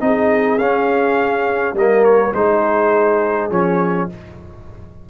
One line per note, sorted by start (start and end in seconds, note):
0.00 0.59 C4
0.00 0.58 D#4
0.00 1.76 G#4
0.00 0.58 D#5
0.58 1.74 C#4
0.58 1.75 C#4
0.58 1.75 F5
1.74 2.32 G3
1.74 2.34 A#3
1.74 2.34 A#4
1.74 2.04 D#5
2.04 2.33 C#5
2.34 3.50 G#3
2.34 3.51 D#4
2.34 4.10 G#4
2.34 3.51 C5
3.50 4.08 F3
3.50 4.09 C#4
3.50 4.09 C#5